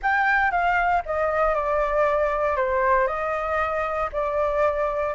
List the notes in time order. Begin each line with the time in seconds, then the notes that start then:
0.02 G5
0.51 F5
1.05 D#5
1.54 D5
2.56 C5
3.07 D#5
4.12 D5